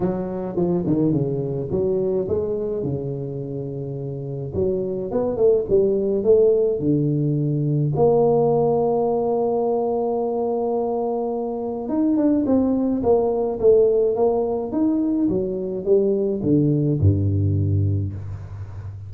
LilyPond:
\new Staff \with { instrumentName = "tuba" } { \time 4/4 \tempo 4 = 106 fis4 f8 dis8 cis4 fis4 | gis4 cis2. | fis4 b8 a8 g4 a4 | d2 ais2~ |
ais1~ | ais4 dis'8 d'8 c'4 ais4 | a4 ais4 dis'4 fis4 | g4 d4 g,2 | }